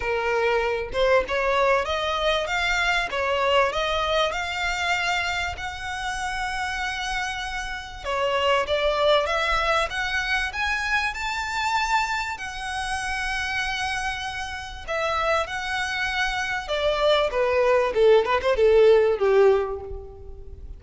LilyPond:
\new Staff \with { instrumentName = "violin" } { \time 4/4 \tempo 4 = 97 ais'4. c''8 cis''4 dis''4 | f''4 cis''4 dis''4 f''4~ | f''4 fis''2.~ | fis''4 cis''4 d''4 e''4 |
fis''4 gis''4 a''2 | fis''1 | e''4 fis''2 d''4 | b'4 a'8 b'16 c''16 a'4 g'4 | }